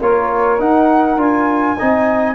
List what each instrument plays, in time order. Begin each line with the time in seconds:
0.00 tuba A#3, trombone F4, saxophone A#4, flute C#5
0.59 trombone D#4, tuba D#4, flute F#5
1.17 tuba D4, trombone F4, flute G#5
1.76 tuba C4, trombone D#4, saxophone D#5